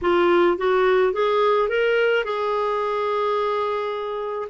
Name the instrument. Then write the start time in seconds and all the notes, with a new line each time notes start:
clarinet
0.01 F4
0.57 F#4
1.13 G#4
1.68 A#4
2.24 G#4